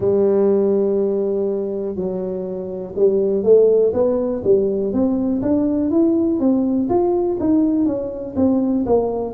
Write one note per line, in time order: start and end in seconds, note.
0.00 1.95 G3
1.95 2.93 F#3
2.95 3.42 G3
3.42 3.92 A3
3.93 4.42 B3
4.44 4.92 G3
4.92 5.41 C4
5.41 5.90 D4
5.90 6.39 E4
6.39 6.89 C4
6.89 7.38 F4
7.39 7.85 D#4
7.85 8.34 C#4
8.36 8.85 C4
8.86 9.34 A#3